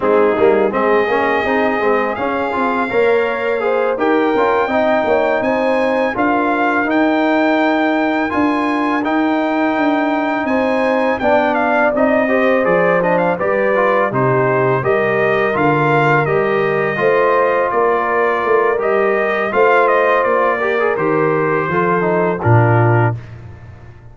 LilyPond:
<<
  \new Staff \with { instrumentName = "trumpet" } { \time 4/4 \tempo 4 = 83 gis'4 dis''2 f''4~ | f''4. g''2 gis''8~ | gis''8 f''4 g''2 gis''8~ | gis''8 g''2 gis''4 g''8 |
f''8 dis''4 d''8 dis''16 f''16 d''4 c''8~ | c''8 dis''4 f''4 dis''4.~ | dis''8 d''4. dis''4 f''8 dis''8 | d''4 c''2 ais'4 | }
  \new Staff \with { instrumentName = "horn" } { \time 4/4 dis'4 gis'2. | cis''4 c''8 ais'4 dis''8 cis''8 c''8~ | c''8 ais'2.~ ais'8~ | ais'2~ ais'8 c''4 d''8~ |
d''4 c''4. b'4 g'8~ | g'8 ais'2. c''8~ | c''8 ais'2~ ais'8 c''4~ | c''8 ais'4. a'4 f'4 | }
  \new Staff \with { instrumentName = "trombone" } { \time 4/4 c'8 ais8 c'8 cis'8 dis'8 c'8 cis'8 f'8 | ais'4 gis'8 g'8 f'8 dis'4.~ | dis'8 f'4 dis'2 f'8~ | f'8 dis'2. d'8~ |
d'8 dis'8 g'8 gis'8 d'8 g'8 f'8 dis'8~ | dis'8 g'4 f'4 g'4 f'8~ | f'2 g'4 f'4~ | f'8 g'16 gis'16 g'4 f'8 dis'8 d'4 | }
  \new Staff \with { instrumentName = "tuba" } { \time 4/4 gis8 g8 gis8 ais8 c'8 gis8 cis'8 c'8 | ais4. dis'8 cis'8 c'8 ais8 c'8~ | c'8 d'4 dis'2 d'8~ | d'8 dis'4 d'4 c'4 b8~ |
b8 c'4 f4 g4 c8~ | c8 g4 d4 g4 a8~ | a8 ais4 a8 g4 a4 | ais4 dis4 f4 ais,4 | }
>>